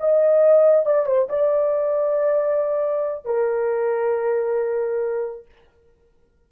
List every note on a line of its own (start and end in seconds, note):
0.00 0.86 D#5
0.86 1.06 D5
1.06 1.28 C5
1.29 3.25 D5
3.25 5.46 A#4